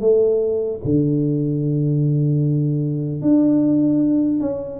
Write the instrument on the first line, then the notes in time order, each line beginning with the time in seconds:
tuba
0.00 A3
0.84 D3
3.21 D4
4.40 C#4